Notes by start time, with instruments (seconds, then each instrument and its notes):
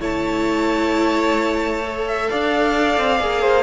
0.00 cello A3, viola E4, violin C#5 A5
1.83 viola A4
2.07 violin E5
2.29 cello D4, violin D5 F5
2.97 cello C4
3.20 cello A#3, viola G#4
3.41 violin C5